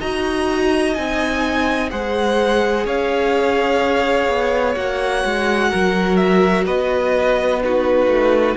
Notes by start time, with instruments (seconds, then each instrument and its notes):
0.00 cello D#4, viola F#4, violin D#5 A#5
0.94 cello C4, viola D#4, violin G#5
1.90 cello G#3, viola G#4, violin C5 F#5
2.85 cello C#4, violin C#5 F5
4.28 cello B3
4.75 cello A#3, viola F#4, violin F#5
5.25 cello G#3
5.70 cello F#3, violin A#4
6.16 violin E5
6.65 cello B3, violin B4 D#5
7.62 viola D#4, violin F#4 B4
8.07 cello A3